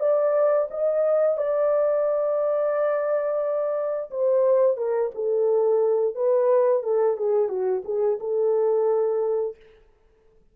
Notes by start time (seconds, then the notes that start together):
0.00 D5
0.71 D#5
1.38 D5
4.11 C5
4.77 A#4
5.15 A4
6.15 B4
6.83 A4
7.17 G#4
7.49 F#4
7.85 G#4
8.20 A4